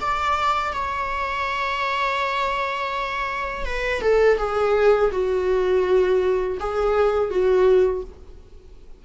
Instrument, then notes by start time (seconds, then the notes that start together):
viola
0.00 D5
0.73 C#5
3.65 B4
4.01 A4
4.38 G#4
5.11 F#4
6.60 G#4
7.30 F#4